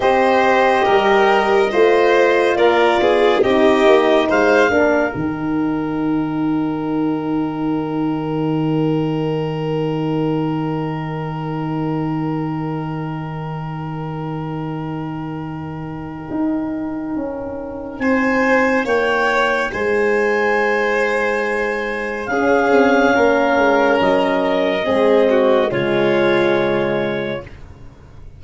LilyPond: <<
  \new Staff \with { instrumentName = "clarinet" } { \time 4/4 \tempo 4 = 70 dis''2. d''4 | dis''4 f''4 g''2~ | g''1~ | g''1~ |
g''1~ | g''4 gis''4 g''4 gis''4~ | gis''2 f''2 | dis''2 cis''2 | }
  \new Staff \with { instrumentName = "violin" } { \time 4/4 c''4 ais'4 c''4 ais'8 gis'8 | g'4 c''8 ais'2~ ais'8~ | ais'1~ | ais'1~ |
ais'1~ | ais'4 c''4 cis''4 c''4~ | c''2 gis'4 ais'4~ | ais'4 gis'8 fis'8 f'2 | }
  \new Staff \with { instrumentName = "horn" } { \time 4/4 g'2 f'2 | dis'4. d'8 dis'2~ | dis'1~ | dis'1~ |
dis'1~ | dis'1~ | dis'2 cis'2~ | cis'4 c'4 gis2 | }
  \new Staff \with { instrumentName = "tuba" } { \time 4/4 c'4 g4 a4 ais8 b8 | c'8 ais8 gis8 ais8 dis2~ | dis1~ | dis1~ |
dis2. dis'4 | cis'4 c'4 ais4 gis4~ | gis2 cis'8 c'8 ais8 gis8 | fis4 gis4 cis2 | }
>>